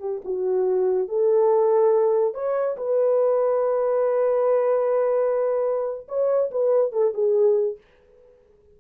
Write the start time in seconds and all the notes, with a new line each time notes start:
0.00 G4
0.25 F#4
1.08 A4
2.34 C#5
2.77 B4
6.08 C#5
6.51 B4
6.92 A4
7.14 G#4